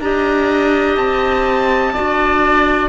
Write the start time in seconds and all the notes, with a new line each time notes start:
0.00 D4 G4 D#5 A#5
0.97 C4 A5
1.93 D4 F#4 D5